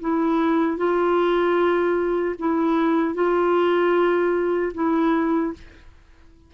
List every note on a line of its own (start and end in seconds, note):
0.00 0.77 E4
0.77 2.35 F4
2.39 3.14 E4
3.14 4.72 F4
4.74 5.53 E4